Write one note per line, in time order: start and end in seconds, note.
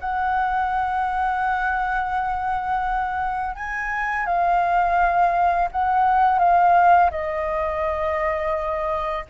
0.00 3.56 F#5
3.56 4.26 G#5
4.26 5.69 F5
5.71 6.39 F#5
6.39 7.10 F5
7.11 9.25 D#5